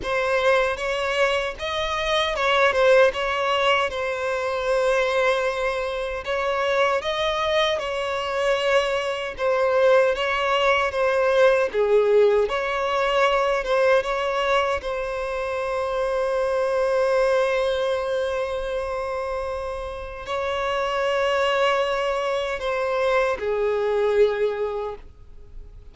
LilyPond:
\new Staff \with { instrumentName = "violin" } { \time 4/4 \tempo 4 = 77 c''4 cis''4 dis''4 cis''8 c''8 | cis''4 c''2. | cis''4 dis''4 cis''2 | c''4 cis''4 c''4 gis'4 |
cis''4. c''8 cis''4 c''4~ | c''1~ | c''2 cis''2~ | cis''4 c''4 gis'2 | }